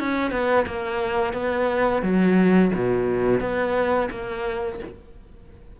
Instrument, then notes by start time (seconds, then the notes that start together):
cello
0.00 C#4
0.31 B3
0.67 A#3
1.34 B3
2.03 F#3
2.75 B2
3.40 B3
4.11 A#3